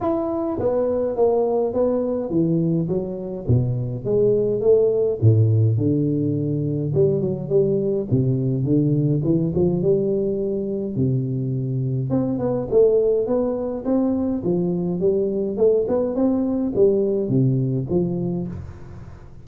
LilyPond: \new Staff \with { instrumentName = "tuba" } { \time 4/4 \tempo 4 = 104 e'4 b4 ais4 b4 | e4 fis4 b,4 gis4 | a4 a,4 d2 | g8 fis8 g4 c4 d4 |
e8 f8 g2 c4~ | c4 c'8 b8 a4 b4 | c'4 f4 g4 a8 b8 | c'4 g4 c4 f4 | }